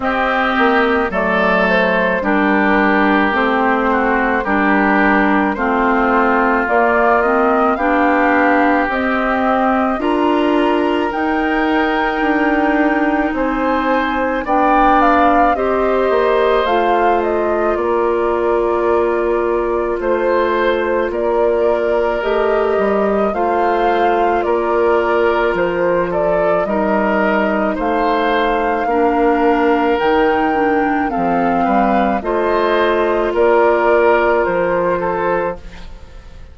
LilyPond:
<<
  \new Staff \with { instrumentName = "flute" } { \time 4/4 \tempo 4 = 54 dis''4 d''8 c''8 ais'4 c''4 | ais'4 c''4 d''8 dis''8 f''4 | dis''4 ais''4 g''2 | gis''4 g''8 f''8 dis''4 f''8 dis''8 |
d''2 c''4 d''4 | dis''4 f''4 d''4 c''8 d''8 | dis''4 f''2 g''4 | f''4 dis''4 d''4 c''4 | }
  \new Staff \with { instrumentName = "oboe" } { \time 4/4 g'4 a'4 g'4. fis'8 | g'4 f'2 g'4~ | g'4 ais'2. | c''4 d''4 c''2 |
ais'2 c''4 ais'4~ | ais'4 c''4 ais'4. a'8 | ais'4 c''4 ais'2 | a'8 b'8 c''4 ais'4. a'8 | }
  \new Staff \with { instrumentName = "clarinet" } { \time 4/4 c'4 a4 d'4 c'4 | d'4 c'4 ais8 c'8 d'4 | c'4 f'4 dis'2~ | dis'4 d'4 g'4 f'4~ |
f'1 | g'4 f'2. | dis'2 d'4 dis'8 d'8 | c'4 f'2. | }
  \new Staff \with { instrumentName = "bassoon" } { \time 4/4 c'8 ais8 fis4 g4 a4 | g4 a4 ais4 b4 | c'4 d'4 dis'4 d'4 | c'4 b4 c'8 ais8 a4 |
ais2 a4 ais4 | a8 g8 a4 ais4 f4 | g4 a4 ais4 dis4 | f8 g8 a4 ais4 f4 | }
>>